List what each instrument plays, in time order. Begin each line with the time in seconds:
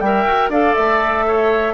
0.00 bassoon G3, clarinet A#4, oboe E5, flute G5
0.26 bassoon F#4
0.49 bassoon D4, clarinet A4, oboe D5, flute F5
0.74 bassoon A3, flute E5
1.28 oboe C#5